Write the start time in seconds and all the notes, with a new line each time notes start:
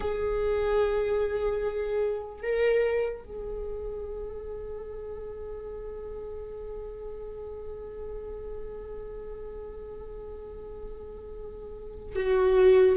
0.00 G#4
2.42 A#4
3.23 G#4
12.15 F#4